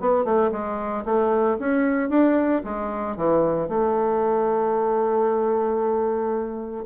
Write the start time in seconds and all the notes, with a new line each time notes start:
0.00 B3
0.24 A3
0.51 G#3
1.05 A3
1.59 C#4
2.09 D4
2.64 G#3
3.17 E3
3.68 A3